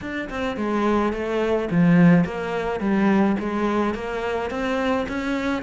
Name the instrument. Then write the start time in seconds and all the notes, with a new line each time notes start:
cello
0.01 D4
0.29 C4
0.56 G#3
1.12 A3
1.70 F3
2.24 A#3
2.80 G3
3.39 G#3
3.94 A#3
4.50 C4
5.08 C#4